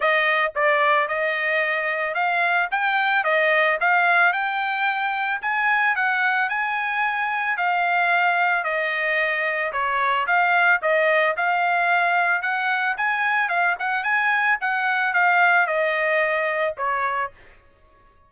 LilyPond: \new Staff \with { instrumentName = "trumpet" } { \time 4/4 \tempo 4 = 111 dis''4 d''4 dis''2 | f''4 g''4 dis''4 f''4 | g''2 gis''4 fis''4 | gis''2 f''2 |
dis''2 cis''4 f''4 | dis''4 f''2 fis''4 | gis''4 f''8 fis''8 gis''4 fis''4 | f''4 dis''2 cis''4 | }